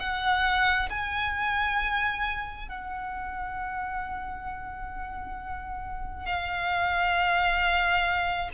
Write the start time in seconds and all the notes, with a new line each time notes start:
0.00 F#5
0.90 G#5
2.69 F#5
6.26 F5